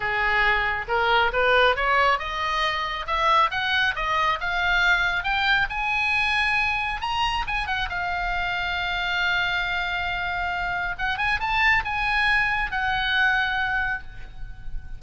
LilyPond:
\new Staff \with { instrumentName = "oboe" } { \time 4/4 \tempo 4 = 137 gis'2 ais'4 b'4 | cis''4 dis''2 e''4 | fis''4 dis''4 f''2 | g''4 gis''2. |
ais''4 gis''8 fis''8 f''2~ | f''1~ | f''4 fis''8 gis''8 a''4 gis''4~ | gis''4 fis''2. | }